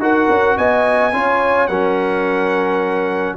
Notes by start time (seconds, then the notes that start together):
0.00 D#4 F#4 A#4 F#5
0.30 C#4
0.58 B3 D#5 G#5
1.13 C#4 F4 C#5
1.68 F#3 C#4 A#4 F#5